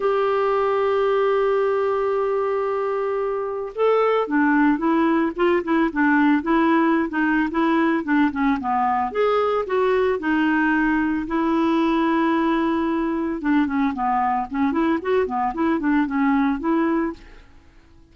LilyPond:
\new Staff \with { instrumentName = "clarinet" } { \time 4/4 \tempo 4 = 112 g'1~ | g'2. a'4 | d'4 e'4 f'8 e'8 d'4 | e'4~ e'16 dis'8. e'4 d'8 cis'8 |
b4 gis'4 fis'4 dis'4~ | dis'4 e'2.~ | e'4 d'8 cis'8 b4 cis'8 e'8 | fis'8 b8 e'8 d'8 cis'4 e'4 | }